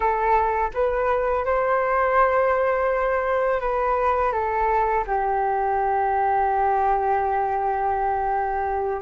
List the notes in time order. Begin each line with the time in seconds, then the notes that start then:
0.00 A4
0.74 B4
1.45 C5
3.60 B4
4.32 A4
5.06 G4